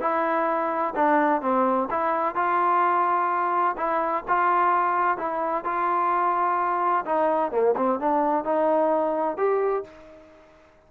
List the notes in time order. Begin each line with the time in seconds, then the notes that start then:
0.00 E4
0.95 D4
1.41 C4
1.90 E4
2.35 F4
3.77 E4
4.28 F4
5.17 E4
5.64 F4
7.05 D#4
7.51 A#3
7.76 C4
7.99 D4
8.44 D#4
9.37 G4